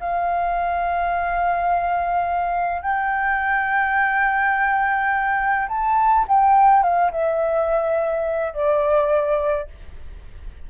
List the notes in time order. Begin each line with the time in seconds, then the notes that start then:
0.00 F5
2.82 G5
5.68 A5
6.28 G5
6.83 F5
7.11 E5
8.53 D5